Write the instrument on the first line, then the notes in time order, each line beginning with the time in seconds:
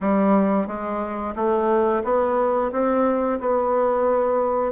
bassoon
0.01 G3
0.67 G#3
1.35 A3
2.03 B3
2.72 C4
3.40 B3